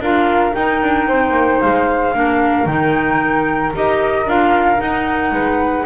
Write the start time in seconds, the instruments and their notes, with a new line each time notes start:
0.00 double bass D4, clarinet F4, flute A#4 F5
0.53 clarinet D#4, double bass D#4, flute G5
0.82 double bass D4
1.08 double bass C4, flute C5
1.30 double bass A#3
1.61 double bass G#3, flute F5
2.14 double bass A#3, clarinet D4, flute A#4
2.66 double bass D#3, clarinet D#4, flute G5
3.74 double bass D#4, clarinet G4, flute D#5
4.26 double bass D4, clarinet F4, flute F5
4.77 clarinet D#4, double bass D#4, flute F#5
5.32 double bass G#3, flute B4